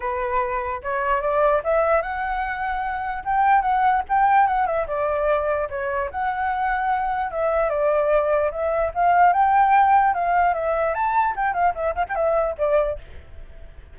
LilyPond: \new Staff \with { instrumentName = "flute" } { \time 4/4 \tempo 4 = 148 b'2 cis''4 d''4 | e''4 fis''2. | g''4 fis''4 g''4 fis''8 e''8 | d''2 cis''4 fis''4~ |
fis''2 e''4 d''4~ | d''4 e''4 f''4 g''4~ | g''4 f''4 e''4 a''4 | g''8 f''8 e''8 f''16 g''16 e''4 d''4 | }